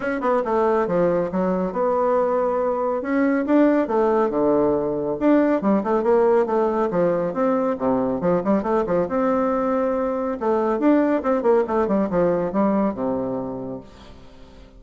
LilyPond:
\new Staff \with { instrumentName = "bassoon" } { \time 4/4 \tempo 4 = 139 cis'8 b8 a4 f4 fis4 | b2. cis'4 | d'4 a4 d2 | d'4 g8 a8 ais4 a4 |
f4 c'4 c4 f8 g8 | a8 f8 c'2. | a4 d'4 c'8 ais8 a8 g8 | f4 g4 c2 | }